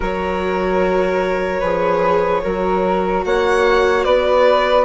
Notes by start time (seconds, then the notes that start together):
0.00 F#3 F#4 A#4 C#5
1.59 F3 G#4 B4
2.43 F#3 F#4 A#4
3.24 A#3 C#5 F#5
4.04 B3 B4 D5